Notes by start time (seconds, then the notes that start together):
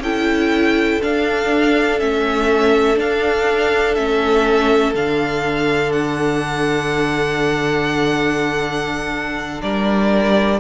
0.00 C#4 E4 A4 G5
1.02 D4 F5
1.99 A3 C#4 E5
2.96 D4 F5
3.95 A3 C#4 E5
4.95 D3 D4 F5
5.93 F#5
9.62 G3 A#4 D5